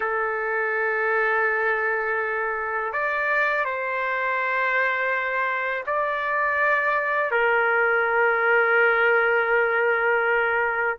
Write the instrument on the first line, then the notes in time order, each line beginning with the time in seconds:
trumpet
0.00 A4
2.92 D5
3.64 C5
5.86 D5
7.31 A#4